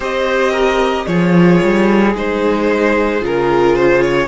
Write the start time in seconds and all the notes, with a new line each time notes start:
0.00 C4 G4 C5 D#5
0.51 A#4
1.06 F3 F4 G#4 C#5
1.63 G3
2.15 G#3 D#4 C5
3.20 C#3 F4 A#4
3.75 C5
4.02 C#5